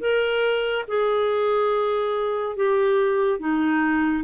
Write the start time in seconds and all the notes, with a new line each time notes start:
0.00 A#4
0.87 G#4
2.56 G4
3.39 D#4